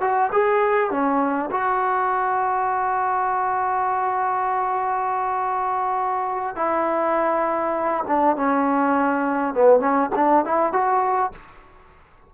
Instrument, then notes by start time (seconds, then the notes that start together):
trombone
0.00 F#4
0.32 G#4
0.90 C#4
1.50 F#4
6.55 E4
8.07 D4
8.36 C#4
9.54 B3
9.79 C#4
10.15 D4
10.44 E4
10.72 F#4